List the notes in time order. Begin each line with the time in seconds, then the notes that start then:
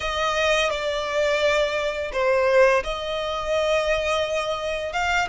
0.00 D#5
0.70 D5
2.12 C5
2.83 D#5
4.92 F5